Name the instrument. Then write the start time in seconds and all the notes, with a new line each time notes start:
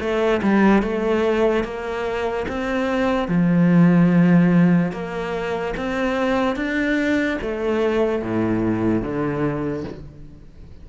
cello
0.00 A3
0.43 G3
0.83 A3
1.64 A#3
2.48 C4
3.28 F3
4.92 A#3
5.77 C4
6.56 D4
7.42 A3
8.22 A2
9.02 D3